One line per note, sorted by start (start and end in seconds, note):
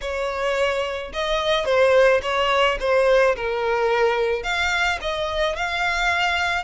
0.01 1.12 C#5
1.13 1.65 D#5
1.65 2.20 C5
2.22 2.78 C#5
2.80 3.35 C5
3.36 4.43 A#4
4.43 4.98 F5
5.01 5.56 D#5
5.56 6.64 F5